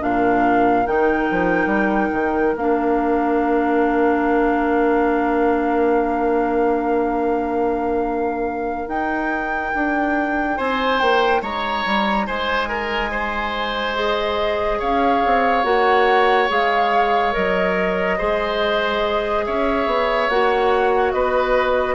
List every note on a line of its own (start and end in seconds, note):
0.00 0.87 A#2
0.00 0.85 D4
0.00 10.57 A#4
0.00 0.86 F5
0.86 1.29 D#3
0.86 2.55 D#4
0.86 2.55 G5
1.30 1.66 F3
1.66 2.08 G3
2.12 2.54 D#3
2.55 8.87 A#3
2.55 8.88 D4
2.55 8.89 F5
8.87 9.72 D#4
8.87 13.95 D#4
8.87 10.57 G5
9.75 10.59 D4
10.57 11.01 C4
10.57 11.41 C5
10.57 10.99 G#5
10.99 11.42 A#3
10.99 11.41 G5
11.41 11.84 G#3
11.41 12.26 C#5
11.41 12.26 A#5
11.85 12.27 G3
12.26 14.81 G#3
12.26 12.68 C5
12.26 13.95 G#5
12.68 13.10 A#4
13.11 14.79 C5
13.95 15.64 G#4
13.95 14.80 D#5
14.79 15.24 C#4
14.79 18.17 C#5
14.79 15.64 F5
15.25 15.64 C4
15.64 16.48 A#3
15.64 16.48 F#4
15.64 16.48 F#5
16.49 17.34 G#3
16.49 17.32 G#4
16.49 17.34 F5
17.32 18.20 F#3
17.32 18.17 A#4
17.32 19.45 D#5
18.18 19.47 G#3
18.18 20.30 G#4
18.18 19.44 C5
19.45 19.86 C#4
19.45 21.13 C#5
19.45 20.29 E5
19.86 20.28 B3
20.29 21.12 A#3
20.29 21.95 F#4
20.29 21.12 F#5
21.12 21.95 B3
21.12 21.95 B4
21.12 21.95 D#5